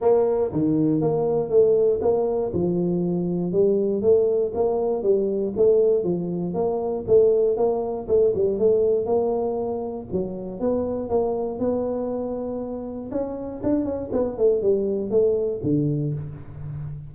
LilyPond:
\new Staff \with { instrumentName = "tuba" } { \time 4/4 \tempo 4 = 119 ais4 dis4 ais4 a4 | ais4 f2 g4 | a4 ais4 g4 a4 | f4 ais4 a4 ais4 |
a8 g8 a4 ais2 | fis4 b4 ais4 b4~ | b2 cis'4 d'8 cis'8 | b8 a8 g4 a4 d4 | }